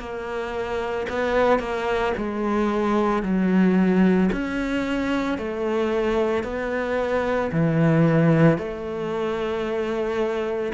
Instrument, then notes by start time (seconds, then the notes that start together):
cello
0.00 A#3
1.10 B3
1.60 A#3
2.18 G#3
3.23 F#3
4.32 C#4
5.38 A3
6.44 B3
7.52 E3
8.59 A3